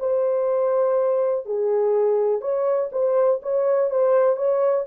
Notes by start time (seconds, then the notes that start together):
0.00 C5
1.46 G#4
2.41 C#5
2.92 C5
3.43 C#5
3.90 C5
4.37 C#5